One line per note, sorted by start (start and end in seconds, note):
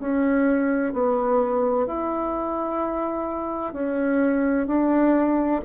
0.00 0.93 C#4
0.93 1.87 B3
1.87 3.73 E4
3.73 4.67 C#4
4.67 5.61 D4